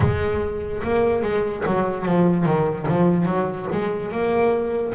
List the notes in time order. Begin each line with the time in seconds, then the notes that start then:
0.00 G#3
0.83 A#3
1.22 G#3
1.66 F#3
2.05 F3
2.45 D#3
2.88 F3
3.25 F#3
3.71 G#3
4.11 A#3